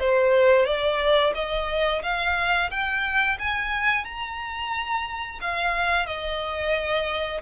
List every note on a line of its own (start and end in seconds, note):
0.00 0.66 C5
0.66 1.34 D5
1.35 2.03 D#5
2.03 2.70 F5
2.71 3.38 G5
3.39 4.05 G#5
4.05 5.40 A#5
5.41 6.06 F5
6.06 7.41 D#5